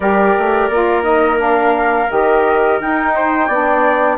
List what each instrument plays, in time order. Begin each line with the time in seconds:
0.00 bassoon G3, saxophone G4, trumpet A#4, flute D5
0.38 bassoon A3
0.68 bassoon A#3, saxophone F4
1.02 saxophone D#4, flute D#5
1.37 saxophone D4, flute F5
2.10 bassoon D#3, saxophone G4, flute D#5
2.80 saxophone D#4, bassoon D#4, flute G5
3.15 trumpet C5
3.47 bassoon B3, saxophone D4, trumpet D5